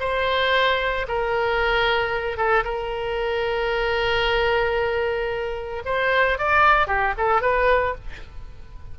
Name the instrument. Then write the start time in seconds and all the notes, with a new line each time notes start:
oboe
0.00 C5
1.08 A#4
2.37 A4
2.64 A#4
5.85 C5
6.38 D5
6.87 G4
7.17 A4
7.41 B4